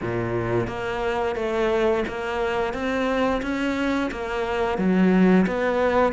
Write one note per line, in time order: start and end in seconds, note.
0.01 0.67 A#2
0.67 1.35 A#3
1.35 2.03 A3
2.08 2.73 A#3
2.73 3.41 C4
3.42 4.10 C#4
4.11 4.77 A#3
4.77 5.45 F#3
5.46 6.12 B3